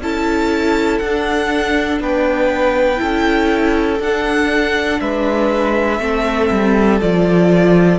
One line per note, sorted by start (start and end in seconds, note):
0.00 1.00 C#4
0.00 1.03 E4
0.00 2.03 A4
0.00 0.99 A5
0.99 2.00 D4
0.99 2.97 D4
0.99 1.99 F#5
2.00 3.00 B3
2.00 3.01 B4
2.00 4.03 G5
2.97 4.00 C#4
2.97 3.97 E4
2.97 5.01 A4
4.00 5.00 D4
4.00 6.00 D4
4.00 5.01 F#5
5.01 6.00 G#3
5.01 6.01 B4
5.01 7.01 E5
6.00 6.50 A3
6.00 7.00 C4
6.00 8.00 A4
6.51 7.01 G3
7.02 8.00 F3
7.02 8.00 F4
7.02 8.00 D5